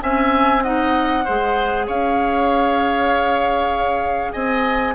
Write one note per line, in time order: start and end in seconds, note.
0.00 1.26 C4
0.00 0.62 C#4
0.00 0.63 E5
0.00 0.62 G#5
0.62 1.24 D#4
0.62 1.24 D#5
0.62 1.86 F#5
1.24 1.89 G#3
1.24 4.94 G#4
1.24 1.86 C5
1.86 4.34 C#4
1.86 4.32 C#5
1.86 4.32 F5
4.32 4.94 C4
4.32 4.94 D#5
4.32 4.94 G#5